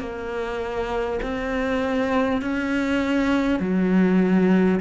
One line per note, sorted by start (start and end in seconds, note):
0.00 1.20 A#3
1.23 2.42 C4
2.42 3.59 C#4
3.59 4.79 F#3